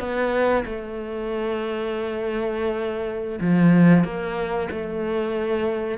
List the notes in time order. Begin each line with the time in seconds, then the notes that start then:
0.00 B3
0.66 A3
3.41 F3
4.05 A#3
4.71 A3